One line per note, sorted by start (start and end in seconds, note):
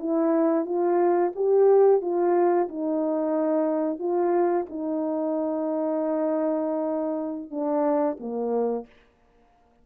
0.00 0.66 E4
0.66 1.33 F4
1.36 2.02 G4
2.02 2.68 F4
2.69 4.00 D#4
4.00 4.66 F4
4.70 7.51 D#4
7.51 8.18 D4
8.20 8.87 A#3